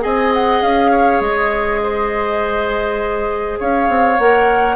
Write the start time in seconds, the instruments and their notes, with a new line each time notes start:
0.00 bassoon C4, clarinet G#4, oboe D#5, flute G#5
0.33 flute F#5
0.62 bassoon C#4, flute F5
0.91 oboe C#5
1.20 bassoon G#3, flute D#5
1.83 oboe C5
3.60 bassoon C#4, oboe C#5, flute F5
3.89 bassoon C4
4.19 bassoon A#3, clarinet A#4, flute F#5